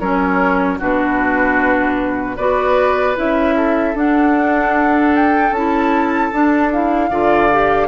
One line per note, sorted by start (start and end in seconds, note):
0.00 0.79 F#3
0.00 0.79 C#4
0.00 0.79 A#4
0.00 0.79 C#5
0.79 2.38 B2
0.79 2.37 D4
0.79 2.36 F#4
0.79 2.37 B4
2.36 3.17 B3
2.36 3.16 F#4
2.36 3.55 B4
2.36 3.16 D5
3.16 3.95 C#4
3.16 3.95 E4
3.16 3.97 E5
3.56 7.10 A4
3.95 5.51 D4
3.95 5.54 D4
3.95 5.16 F#5
5.16 5.54 G5
5.51 6.30 C#4
5.51 6.32 E4
5.51 6.72 A5
6.32 6.72 D4
6.32 7.11 D4
6.73 7.11 E4
6.73 7.88 F5
7.10 7.88 D3
7.10 7.50 F4
7.10 7.88 D5
7.52 7.88 G4